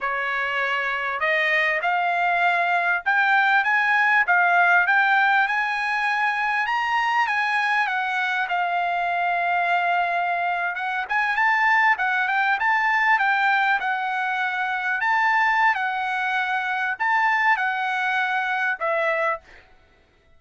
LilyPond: \new Staff \with { instrumentName = "trumpet" } { \time 4/4 \tempo 4 = 99 cis''2 dis''4 f''4~ | f''4 g''4 gis''4 f''4 | g''4 gis''2 ais''4 | gis''4 fis''4 f''2~ |
f''4.~ f''16 fis''8 gis''8 a''4 fis''16~ | fis''16 g''8 a''4 g''4 fis''4~ fis''16~ | fis''8. a''4~ a''16 fis''2 | a''4 fis''2 e''4 | }